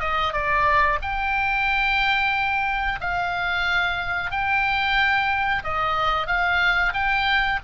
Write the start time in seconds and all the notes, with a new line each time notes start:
0.00 D#5
0.33 D5
1.02 G5
3.01 F5
4.31 G5
5.64 D#5
6.27 F5
6.93 G5